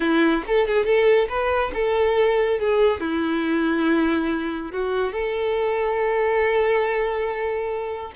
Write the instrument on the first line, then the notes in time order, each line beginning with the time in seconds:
violin
0.00 E4
0.46 A4
0.67 G#4
0.85 A4
1.29 B4
1.74 A4
2.59 G#4
3.00 E4
4.72 F#4
5.12 A4